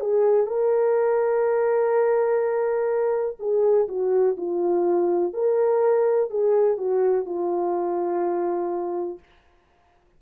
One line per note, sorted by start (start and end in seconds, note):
0.00 0.46 G#4
0.46 3.37 A#4
3.39 3.88 G#4
3.88 4.36 F#4
4.36 5.33 F4
5.33 6.30 A#4
6.30 6.77 G#4
6.77 7.25 F#4
7.25 9.18 F4